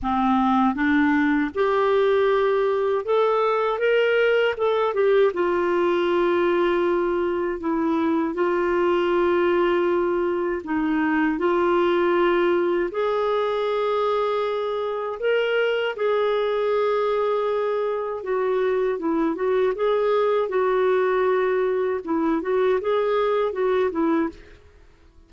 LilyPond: \new Staff \with { instrumentName = "clarinet" } { \time 4/4 \tempo 4 = 79 c'4 d'4 g'2 | a'4 ais'4 a'8 g'8 f'4~ | f'2 e'4 f'4~ | f'2 dis'4 f'4~ |
f'4 gis'2. | ais'4 gis'2. | fis'4 e'8 fis'8 gis'4 fis'4~ | fis'4 e'8 fis'8 gis'4 fis'8 e'8 | }